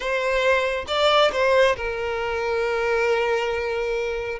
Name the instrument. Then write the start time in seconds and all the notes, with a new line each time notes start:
violin
0.00 C5
0.87 D5
1.32 C5
1.76 A#4